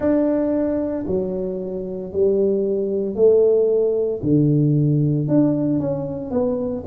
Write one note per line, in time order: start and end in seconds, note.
0.00 1.05 D4
1.07 2.12 F#3
2.12 3.15 G3
3.15 4.20 A3
4.22 5.28 D3
5.28 5.79 D4
5.79 6.31 C#4
6.31 6.83 B3